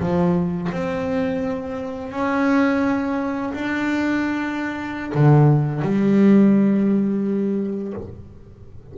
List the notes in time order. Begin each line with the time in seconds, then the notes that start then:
0.00 F3
0.73 C4
2.12 C#4
3.54 D4
5.15 D3
5.82 G3